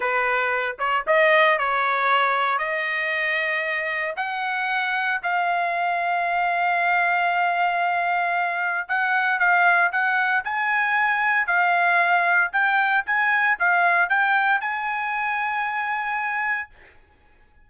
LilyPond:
\new Staff \with { instrumentName = "trumpet" } { \time 4/4 \tempo 4 = 115 b'4. cis''8 dis''4 cis''4~ | cis''4 dis''2. | fis''2 f''2~ | f''1~ |
f''4 fis''4 f''4 fis''4 | gis''2 f''2 | g''4 gis''4 f''4 g''4 | gis''1 | }